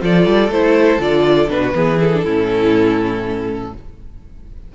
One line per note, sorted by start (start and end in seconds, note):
0.00 0.25 F3
0.00 0.50 F4
0.00 1.61 A4
0.00 0.51 D5
0.25 0.48 G3
0.48 0.97 A3
0.48 0.99 E4
0.48 1.01 C5
0.98 1.48 D3
0.98 1.48 F4
0.98 1.49 D5
1.48 1.73 B2
1.48 1.73 D4
1.48 1.99 B4
1.61 1.74 F#4
1.74 2.24 E3
1.74 1.98 B3
1.74 2.23 G#4
1.98 2.10 E4
1.98 3.73 A4
2.13 2.25 D4
2.23 3.73 A2
2.23 3.74 C#4
2.23 3.72 E4